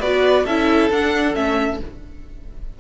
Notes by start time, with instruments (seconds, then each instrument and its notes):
0.00 cello B3, viola F#4, violin B4 D5
0.45 cello C#4, viola E4, violin A4 E5
0.90 cello D4, viola D4, violin F#5
1.34 cello A3, viola C#4, violin E5